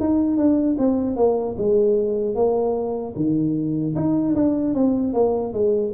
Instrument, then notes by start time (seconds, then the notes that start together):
tuba
0.00 D#4
0.37 D4
0.79 C4
1.17 A#3
1.58 G#3
2.35 A#3
3.16 D#3
3.96 D#4
4.36 D4
4.75 C4
5.14 A#3
5.53 G#3